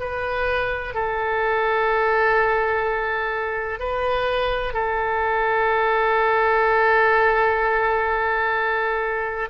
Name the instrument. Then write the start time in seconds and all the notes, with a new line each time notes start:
oboe
0.00 B4
0.94 A4
3.80 B4
4.74 A4